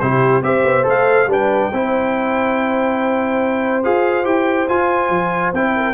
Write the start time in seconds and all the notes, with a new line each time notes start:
0.00 C3 E4 G4 C5
0.42 C4 G4 C5 E5
0.65 B3
0.84 A3 A4 F5
1.27 G3 D4 B4
1.33 G5
1.73 C4 E4 C5
3.84 F4 G#4 F5
4.24 E4 G4 G5
4.69 F4 G#5
5.10 F3
5.54 C4 E4 G5
5.76 A#4